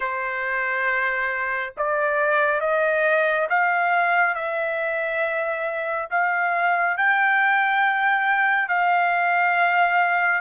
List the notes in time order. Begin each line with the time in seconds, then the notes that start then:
0.00 C5
1.77 D5
2.60 D#5
3.49 F5
4.34 E5
6.10 F5
6.97 G5
8.68 F5